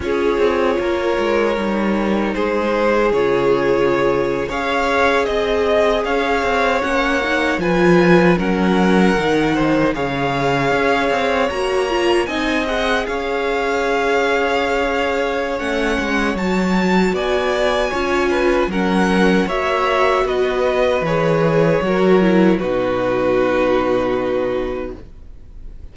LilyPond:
<<
  \new Staff \with { instrumentName = "violin" } { \time 4/4 \tempo 4 = 77 cis''2. c''4 | cis''4.~ cis''16 f''4 dis''4 f''16~ | f''8. fis''4 gis''4 fis''4~ fis''16~ | fis''8. f''2 ais''4 gis''16~ |
gis''16 fis''8 f''2.~ f''16 | fis''4 a''4 gis''2 | fis''4 e''4 dis''4 cis''4~ | cis''4 b'2. | }
  \new Staff \with { instrumentName = "violin" } { \time 4/4 gis'4 ais'2 gis'4~ | gis'4.~ gis'16 cis''4 dis''4 cis''16~ | cis''4.~ cis''16 b'4 ais'4~ ais'16~ | ais'16 c''8 cis''2. dis''16~ |
dis''8. cis''2.~ cis''16~ | cis''2 d''4 cis''8 b'8 | ais'4 cis''4 b'2 | ais'4 fis'2. | }
  \new Staff \with { instrumentName = "viola" } { \time 4/4 f'2 dis'2 | f'4.~ f'16 gis'2~ gis'16~ | gis'8. cis'8 dis'8 f'4 cis'4 dis'16~ | dis'8. gis'2 fis'8 f'8 dis'16~ |
dis'16 gis'2.~ gis'8. | cis'4 fis'2 f'4 | cis'4 fis'2 gis'4 | fis'8 e'8 dis'2. | }
  \new Staff \with { instrumentName = "cello" } { \time 4/4 cis'8 c'8 ais8 gis8 g4 gis4 | cis4.~ cis16 cis'4 c'4 cis'16~ | cis'16 c'8 ais4 f4 fis4 dis16~ | dis8. cis4 cis'8 c'8 ais4 c'16~ |
c'8. cis'2.~ cis'16 | a8 gis8 fis4 b4 cis'4 | fis4 ais4 b4 e4 | fis4 b,2. | }
>>